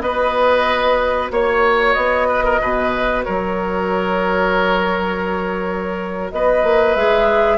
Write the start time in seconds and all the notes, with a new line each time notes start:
0.00 B3 F#4 B4 D#5
1.31 A#3 C#5
1.93 B3 D#5
2.28 B4
2.44 A#4
2.60 B2 B4
3.23 F#3 A#4 C#5
6.31 B3 B4 D#5
6.63 A#3
6.96 G#3 G#4 E5